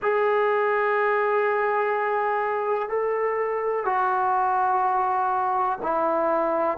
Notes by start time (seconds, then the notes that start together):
0.01 G#4
2.89 A4
3.85 F#4
5.82 E4